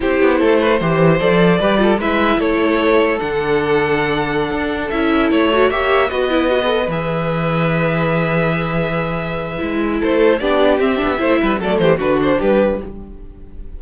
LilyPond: <<
  \new Staff \with { instrumentName = "violin" } { \time 4/4 \tempo 4 = 150 c''2. d''4~ | d''4 e''4 cis''2 | fis''1~ | fis''16 e''4 cis''4 e''4 dis''8.~ |
dis''4~ dis''16 e''2~ e''8.~ | e''1~ | e''4 c''4 d''4 e''4~ | e''4 d''8 c''8 b'8 c''8 b'4 | }
  \new Staff \with { instrumentName = "violin" } { \time 4/4 g'4 a'8 b'8 c''2 | b'8 a'8 b'4 a'2~ | a'1~ | a'2~ a'16 cis''4 b'8.~ |
b'1~ | b'1~ | b'4 a'4 g'2 | c''8 b'8 a'8 g'8 fis'4 g'4 | }
  \new Staff \with { instrumentName = "viola" } { \time 4/4 e'2 g'4 a'4 | g'8 f'8 e'2. | d'1~ | d'16 e'4. fis'8 g'4 fis'8 e'16~ |
e'16 fis'16 gis'16 a'8 gis'2~ gis'8.~ | gis'1 | e'2 d'4 c'8 d'8 | e'4 a4 d'2 | }
  \new Staff \with { instrumentName = "cello" } { \time 4/4 c'8 b8 a4 e4 f4 | g4 gis4 a2 | d2.~ d16 d'8.~ | d'16 cis'4 a4 ais4 b8.~ |
b4~ b16 e2~ e8.~ | e1 | gis4 a4 b4 c'8 b8 | a8 g8 fis8 e8 d4 g4 | }
>>